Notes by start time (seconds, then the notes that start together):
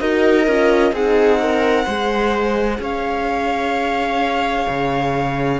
0.00 D#4 F#4 A#4 D#5
0.47 C#4 F4
0.92 C4 D#4 G#4 F#5
1.42 A#4
1.85 G#3 G#4 C5
2.79 C#4 C#5 F5
4.68 C#3